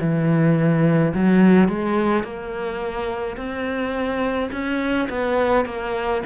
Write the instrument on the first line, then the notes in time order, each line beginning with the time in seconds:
cello
0.00 E3
1.14 F#3
1.68 G#3
2.23 A#3
3.37 C4
4.52 C#4
5.09 B3
5.65 A#3